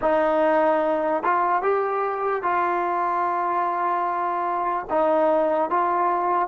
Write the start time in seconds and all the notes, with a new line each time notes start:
0.01 D#4
1.23 F4
1.62 G4
2.42 F4
4.89 D#4
5.69 F4